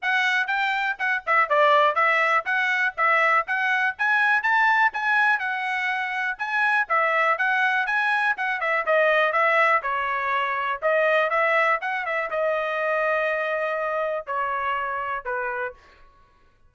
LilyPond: \new Staff \with { instrumentName = "trumpet" } { \time 4/4 \tempo 4 = 122 fis''4 g''4 fis''8 e''8 d''4 | e''4 fis''4 e''4 fis''4 | gis''4 a''4 gis''4 fis''4~ | fis''4 gis''4 e''4 fis''4 |
gis''4 fis''8 e''8 dis''4 e''4 | cis''2 dis''4 e''4 | fis''8 e''8 dis''2.~ | dis''4 cis''2 b'4 | }